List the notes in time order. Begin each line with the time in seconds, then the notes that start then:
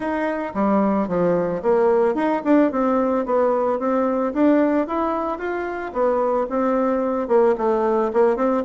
0.00 D#4
0.54 G3
1.07 F3
1.62 A#3
2.14 D#4
2.44 D4
2.71 C4
3.25 B3
3.79 C4
4.33 D4
4.87 E4
5.38 F4
5.92 B3
6.49 C4
7.28 A#3
7.57 A3
8.13 A#3
8.36 C4